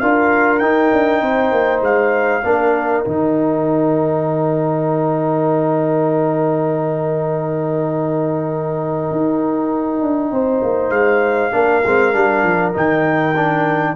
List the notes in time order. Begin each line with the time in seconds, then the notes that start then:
0.00 D4 F4 A#4 F5
0.60 D#4 G5
0.92 D4
1.22 C4 C5
1.52 A#3
1.82 G#3 F5
2.44 A#3 D4 A#4
3.05 D#3 D#4 G5
9.11 D#4
10.01 D4
10.31 C4 C5
10.63 A#3
10.90 G#3 F5
11.52 A#3 D4 A#4
11.85 G#3 C4
12.13 G3 D4
12.43 F3
12.74 D#3 D#4 G5
13.36 D4